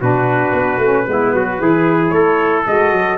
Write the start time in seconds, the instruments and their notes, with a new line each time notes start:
0.00 tuba B2, saxophone D4, trumpet F#4 B4
0.52 tuba B3
0.77 tuba A3, saxophone C#4
1.07 tuba G#3, saxophone B3, trumpet E4
1.34 tuba F#3, trumpet F#4
1.58 tuba E3, saxophone E4, trumpet G#4
2.09 tuba A3, trumpet A4 C#5
2.66 tuba G#3, saxophone F#4, trumpet D#5
2.92 tuba F#3